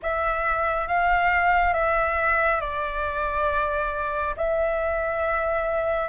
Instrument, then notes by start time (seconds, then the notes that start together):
flute
0.02 E5
0.87 F5
1.74 E5
2.60 D5
4.36 E5